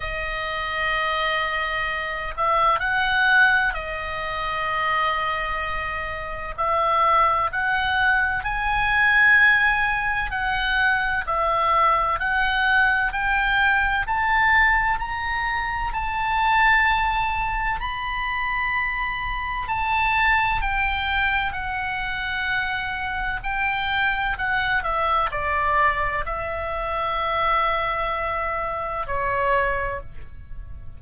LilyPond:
\new Staff \with { instrumentName = "oboe" } { \time 4/4 \tempo 4 = 64 dis''2~ dis''8 e''8 fis''4 | dis''2. e''4 | fis''4 gis''2 fis''4 | e''4 fis''4 g''4 a''4 |
ais''4 a''2 b''4~ | b''4 a''4 g''4 fis''4~ | fis''4 g''4 fis''8 e''8 d''4 | e''2. cis''4 | }